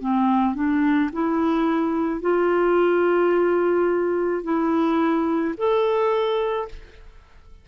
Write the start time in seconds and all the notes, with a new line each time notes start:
0.00 C4
0.55 D4
1.12 E4
2.21 F4
4.43 E4
5.57 A4